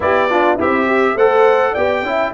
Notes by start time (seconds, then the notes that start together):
0.00 B3 E4 G4 D5
0.29 D4 F4
0.55 C4 E4 G4 E5
0.85 G4
1.15 A3 A4 C5 F#5
1.73 B3 G4 D5 G5
2.02 C#4 E4 E5